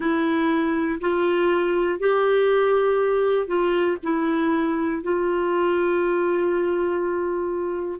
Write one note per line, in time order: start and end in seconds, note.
0.00 0.99 E4
1.00 2.00 F4
2.00 3.47 G4
3.47 3.97 F4
4.03 5.02 E4
5.02 8.00 F4